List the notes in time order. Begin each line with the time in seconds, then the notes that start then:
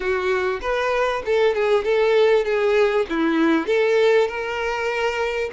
0.00 F#4
0.61 B4
1.25 A4
1.54 G#4
1.84 A4
2.44 G#4
3.09 E4
3.67 A4
4.28 A#4